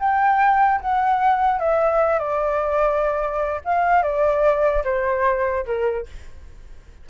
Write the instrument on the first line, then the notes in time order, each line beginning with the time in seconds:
flute
0.00 G5
0.81 F#5
1.60 E5
2.19 D5
3.65 F5
4.03 D5
4.85 C5
5.66 A#4